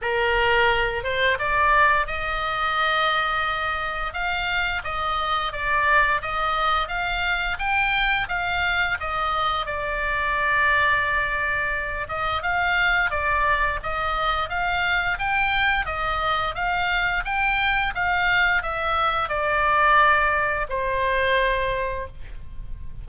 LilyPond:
\new Staff \with { instrumentName = "oboe" } { \time 4/4 \tempo 4 = 87 ais'4. c''8 d''4 dis''4~ | dis''2 f''4 dis''4 | d''4 dis''4 f''4 g''4 | f''4 dis''4 d''2~ |
d''4. dis''8 f''4 d''4 | dis''4 f''4 g''4 dis''4 | f''4 g''4 f''4 e''4 | d''2 c''2 | }